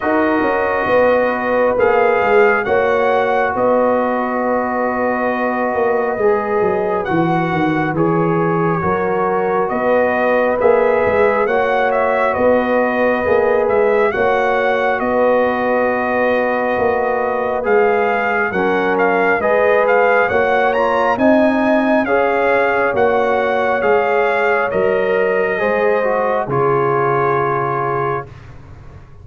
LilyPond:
<<
  \new Staff \with { instrumentName = "trumpet" } { \time 4/4 \tempo 4 = 68 dis''2 f''4 fis''4 | dis''1 | fis''4 cis''2 dis''4 | e''4 fis''8 e''8 dis''4. e''8 |
fis''4 dis''2. | f''4 fis''8 f''8 dis''8 f''8 fis''8 ais''8 | gis''4 f''4 fis''4 f''4 | dis''2 cis''2 | }
  \new Staff \with { instrumentName = "horn" } { \time 4/4 ais'4 b'2 cis''4 | b'1~ | b'2 ais'4 b'4~ | b'4 cis''4 b'2 |
cis''4 b'2.~ | b'4 ais'4 b'4 cis''4 | dis''4 cis''2.~ | cis''4 c''4 gis'2 | }
  \new Staff \with { instrumentName = "trombone" } { \time 4/4 fis'2 gis'4 fis'4~ | fis'2. gis'4 | fis'4 gis'4 fis'2 | gis'4 fis'2 gis'4 |
fis'1 | gis'4 cis'4 gis'4 fis'8 f'8 | dis'4 gis'4 fis'4 gis'4 | ais'4 gis'8 fis'8 f'2 | }
  \new Staff \with { instrumentName = "tuba" } { \time 4/4 dis'8 cis'8 b4 ais8 gis8 ais4 | b2~ b8 ais8 gis8 fis8 | e8 dis8 e4 fis4 b4 | ais8 gis8 ais4 b4 ais8 gis8 |
ais4 b2 ais4 | gis4 fis4 gis4 ais4 | c'4 cis'4 ais4 gis4 | fis4 gis4 cis2 | }
>>